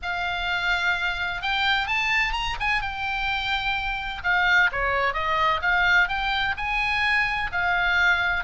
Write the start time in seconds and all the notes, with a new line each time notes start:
0.02 F5
1.42 G5
1.87 A5
2.32 A#5
2.60 G#5
2.81 G5
4.23 F5
4.72 C#5
5.13 D#5
5.61 F5
6.08 G5
6.57 G#5
7.52 F5